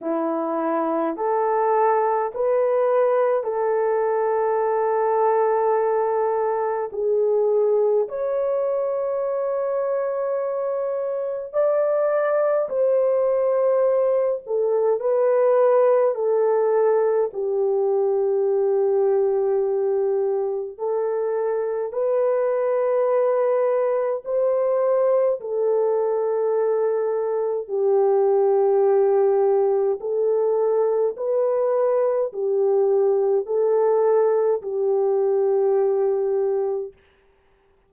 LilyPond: \new Staff \with { instrumentName = "horn" } { \time 4/4 \tempo 4 = 52 e'4 a'4 b'4 a'4~ | a'2 gis'4 cis''4~ | cis''2 d''4 c''4~ | c''8 a'8 b'4 a'4 g'4~ |
g'2 a'4 b'4~ | b'4 c''4 a'2 | g'2 a'4 b'4 | g'4 a'4 g'2 | }